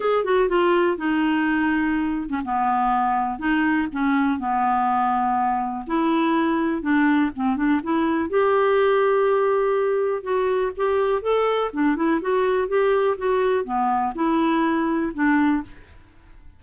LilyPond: \new Staff \with { instrumentName = "clarinet" } { \time 4/4 \tempo 4 = 123 gis'8 fis'8 f'4 dis'2~ | dis'8. cis'16 b2 dis'4 | cis'4 b2. | e'2 d'4 c'8 d'8 |
e'4 g'2.~ | g'4 fis'4 g'4 a'4 | d'8 e'8 fis'4 g'4 fis'4 | b4 e'2 d'4 | }